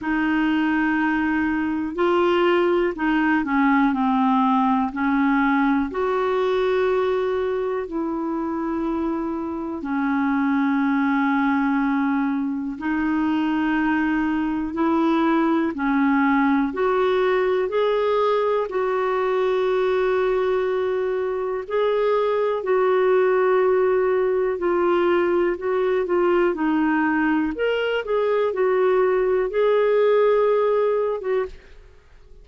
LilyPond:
\new Staff \with { instrumentName = "clarinet" } { \time 4/4 \tempo 4 = 61 dis'2 f'4 dis'8 cis'8 | c'4 cis'4 fis'2 | e'2 cis'2~ | cis'4 dis'2 e'4 |
cis'4 fis'4 gis'4 fis'4~ | fis'2 gis'4 fis'4~ | fis'4 f'4 fis'8 f'8 dis'4 | ais'8 gis'8 fis'4 gis'4.~ gis'16 fis'16 | }